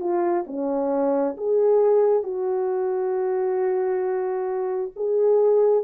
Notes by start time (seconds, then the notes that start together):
0.00 F4
0.47 C#4
1.37 G#4
2.23 F#4
4.96 G#4